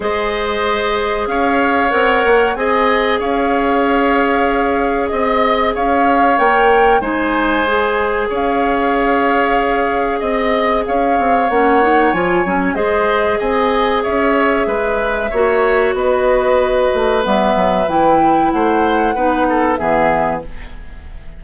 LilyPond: <<
  \new Staff \with { instrumentName = "flute" } { \time 4/4 \tempo 4 = 94 dis''2 f''4 fis''4 | gis''4 f''2. | dis''4 f''4 g''4 gis''4~ | gis''4 f''2. |
dis''4 f''4 fis''4 gis''4 | dis''4 gis''4 e''2~ | e''4 dis''2 e''4 | g''4 fis''2 e''4 | }
  \new Staff \with { instrumentName = "oboe" } { \time 4/4 c''2 cis''2 | dis''4 cis''2. | dis''4 cis''2 c''4~ | c''4 cis''2. |
dis''4 cis''2. | c''4 dis''4 cis''4 b'4 | cis''4 b'2.~ | b'4 c''4 b'8 a'8 gis'4 | }
  \new Staff \with { instrumentName = "clarinet" } { \time 4/4 gis'2. ais'4 | gis'1~ | gis'2 ais'4 dis'4 | gis'1~ |
gis'2 cis'8 dis'8 f'8 cis'8 | gis'1 | fis'2. b4 | e'2 dis'4 b4 | }
  \new Staff \with { instrumentName = "bassoon" } { \time 4/4 gis2 cis'4 c'8 ais8 | c'4 cis'2. | c'4 cis'4 ais4 gis4~ | gis4 cis'2. |
c'4 cis'8 c'8 ais4 f8 fis8 | gis4 c'4 cis'4 gis4 | ais4 b4. a8 g8 fis8 | e4 a4 b4 e4 | }
>>